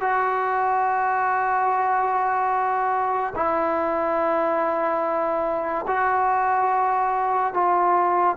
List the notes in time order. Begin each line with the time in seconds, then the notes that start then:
0.00 F#4
3.35 E4
5.87 F#4
7.53 F4